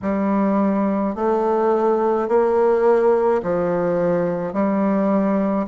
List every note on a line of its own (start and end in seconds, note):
0.02 1.15 G3
1.15 2.28 A3
2.28 3.41 A#3
3.43 4.53 F3
4.53 5.66 G3